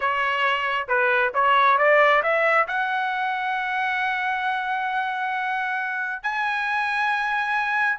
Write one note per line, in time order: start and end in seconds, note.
0.00 0.87 C#5
0.88 1.32 B4
1.34 1.78 C#5
1.78 2.22 D5
2.22 2.67 E5
2.67 6.23 F#5
6.23 7.99 G#5